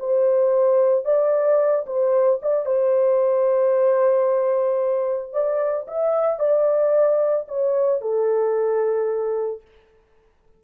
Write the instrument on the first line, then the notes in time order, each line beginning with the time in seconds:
horn
0.00 C5
1.05 D5
1.87 C5
2.42 D5
2.66 C5
5.33 D5
5.88 E5
6.40 D5
7.49 C#5
8.01 A4